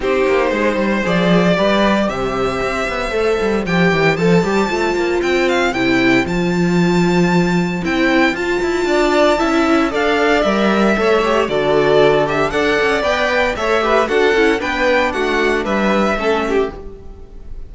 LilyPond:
<<
  \new Staff \with { instrumentName = "violin" } { \time 4/4 \tempo 4 = 115 c''2 d''2 | e''2. g''4 | a''2 g''8 f''8 g''4 | a''2. g''4 |
a''2. f''4 | e''2 d''4. e''8 | fis''4 g''4 e''4 fis''4 | g''4 fis''4 e''2 | }
  \new Staff \with { instrumentName = "violin" } { \time 4/4 g'4 c''2 b'4 | c''1~ | c''1~ | c''1~ |
c''4 d''4 e''4 d''4~ | d''4 cis''4 a'2 | d''2 cis''8 b'8 a'4 | b'4 fis'4 b'4 a'8 g'8 | }
  \new Staff \with { instrumentName = "viola" } { \time 4/4 dis'2 gis'4 g'4~ | g'2 a'4 g'4 | a'8 g'8 f'2 e'4 | f'2. e'4 |
f'2 e'4 a'4 | ais'4 a'8 g'8 fis'4. g'8 | a'4 b'4 a'8 g'8 fis'8 e'8 | d'2. cis'4 | }
  \new Staff \with { instrumentName = "cello" } { \time 4/4 c'8 ais8 gis8 g8 f4 g4 | c4 c'8 b8 a8 g8 f8 e8 | f8 g8 a8 ais8 c'4 c4 | f2. c'4 |
f'8 e'8 d'4 cis'4 d'4 | g4 a4 d2 | d'8 cis'8 b4 a4 d'8 cis'8 | b4 a4 g4 a4 | }
>>